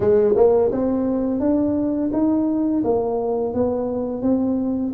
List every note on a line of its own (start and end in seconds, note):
0.00 0.34 G#3
0.35 0.71 A#3
0.71 1.39 C4
1.39 2.10 D4
2.12 2.83 D#4
2.84 3.54 A#3
3.54 4.22 B3
4.22 4.92 C4